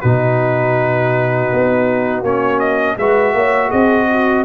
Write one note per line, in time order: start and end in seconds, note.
0.00 1.52 B2
0.00 2.25 D#4
0.00 2.96 F#4
0.00 2.23 B4
1.53 2.22 B3
2.22 2.96 A#3
2.22 2.99 C#4
2.22 2.59 C#5
2.59 2.96 D#5
2.98 3.34 G#3
2.98 4.46 F#4
2.98 3.35 B4
2.98 3.71 E5
3.34 3.71 A#3
3.34 3.69 C#5
3.69 4.46 C4
3.69 4.06 G#4
3.69 4.45 D#5
4.11 4.46 F#4